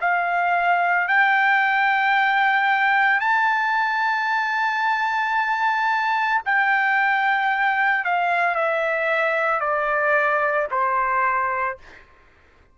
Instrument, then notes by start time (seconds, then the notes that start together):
trumpet
0.00 F5
1.07 G5
3.20 A5
6.45 G5
8.05 F5
8.55 E5
9.60 D5
10.70 C5